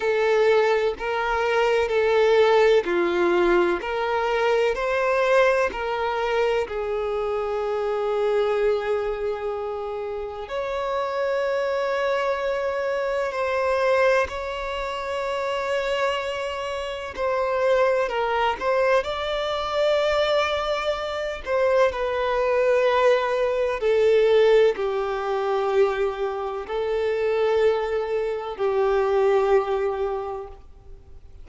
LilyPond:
\new Staff \with { instrumentName = "violin" } { \time 4/4 \tempo 4 = 63 a'4 ais'4 a'4 f'4 | ais'4 c''4 ais'4 gis'4~ | gis'2. cis''4~ | cis''2 c''4 cis''4~ |
cis''2 c''4 ais'8 c''8 | d''2~ d''8 c''8 b'4~ | b'4 a'4 g'2 | a'2 g'2 | }